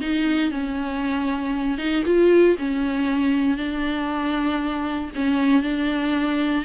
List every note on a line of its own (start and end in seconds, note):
0.00 0.51 D#4
0.51 1.78 C#4
1.78 2.03 D#4
2.05 2.57 F4
2.58 3.57 C#4
3.57 5.10 D4
5.15 5.62 C#4
5.62 6.65 D4